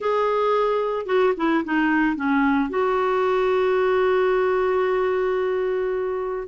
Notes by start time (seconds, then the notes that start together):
0.00 G#4
1.06 F#4
1.37 E4
1.64 D#4
2.15 C#4
2.69 F#4